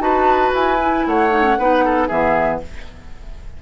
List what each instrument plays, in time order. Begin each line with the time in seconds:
0.00 bassoon D#4, clarinet F#4, oboe B4, flute A5
0.54 bassoon E4, flute G#5
0.81 clarinet E4
1.07 bassoon A3, oboe C#5, flute F#5
1.31 clarinet D#4
1.43 clarinet C#4
1.59 bassoon B3, clarinet D#4, oboe B4
1.85 oboe A4
2.08 bassoon E3, clarinet B3, oboe G#4, flute E5